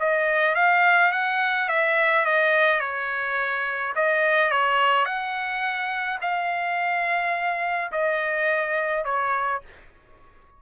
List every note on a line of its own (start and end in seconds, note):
0.00 0.55 D#5
0.55 1.12 F5
1.12 1.69 F#5
1.69 2.25 E5
2.25 2.80 D#5
2.80 3.93 C#5
3.95 4.51 D#5
4.51 5.05 C#5
5.05 6.19 F#5
6.22 7.91 F5
7.92 9.04 D#5
9.04 9.61 C#5